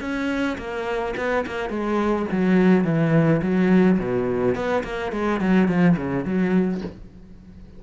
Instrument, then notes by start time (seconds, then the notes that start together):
cello
0.00 C#4
0.57 A#3
1.17 B3
1.46 A#3
1.69 G#3
2.31 F#3
2.84 E3
3.42 F#3
3.99 B2
4.55 B3
4.83 A#3
5.11 G#3
5.40 F#3
5.67 F3
5.96 C#3
6.24 F#3